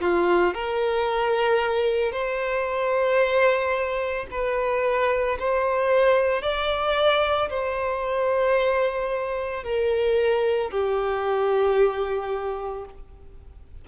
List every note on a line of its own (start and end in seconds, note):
0.00 0.54 F4
0.54 2.12 A#4
2.12 4.26 C5
4.31 5.38 B4
5.39 6.42 C5
6.42 7.49 D5
7.50 9.63 C5
9.63 10.70 A#4
10.70 12.85 G4